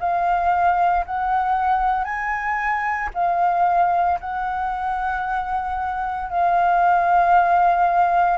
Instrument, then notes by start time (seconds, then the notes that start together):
flute
0.00 F5
1.06 F#5
2.04 G#5
3.14 F5
4.20 F#5
6.30 F5